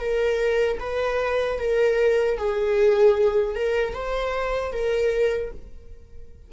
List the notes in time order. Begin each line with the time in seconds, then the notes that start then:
0.00 A#4
0.80 B4
1.59 A#4
2.38 G#4
3.55 A#4
3.94 C5
4.73 A#4